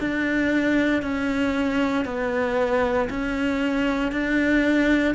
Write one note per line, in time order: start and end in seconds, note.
0.00 1.03 D4
1.03 2.05 C#4
2.05 3.09 B3
3.10 4.12 C#4
4.12 5.15 D4